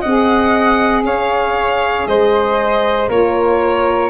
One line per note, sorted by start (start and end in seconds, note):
0.00 1.03 C4
0.00 1.02 D#5
0.00 1.03 F#5
0.06 3.09 G#4
1.03 2.05 C#4
1.03 2.08 C#5
1.03 2.07 F5
2.07 3.09 G#3
2.07 3.09 C5
2.07 3.09 D#5
3.09 4.10 A#3
3.09 4.10 F4
3.09 4.10 A#4
3.09 4.10 C#5